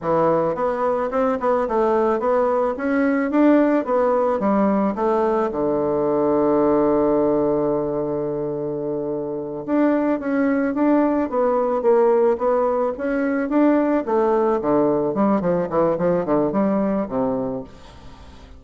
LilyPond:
\new Staff \with { instrumentName = "bassoon" } { \time 4/4 \tempo 4 = 109 e4 b4 c'8 b8 a4 | b4 cis'4 d'4 b4 | g4 a4 d2~ | d1~ |
d4. d'4 cis'4 d'8~ | d'8 b4 ais4 b4 cis'8~ | cis'8 d'4 a4 d4 g8 | f8 e8 f8 d8 g4 c4 | }